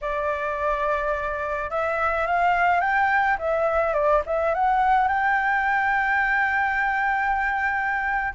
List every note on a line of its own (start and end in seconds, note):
0.01 1.70 D5
1.70 2.26 E5
2.26 2.80 F5
2.80 3.37 G5
3.38 3.93 E5
3.93 4.21 D5
4.26 4.54 E5
4.54 5.08 F#5
5.08 8.33 G5